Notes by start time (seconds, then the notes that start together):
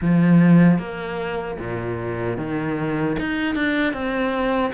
0.01 F3
0.78 A#3
1.58 A#2
2.37 D#3
3.19 D#4
3.55 D4
3.93 C4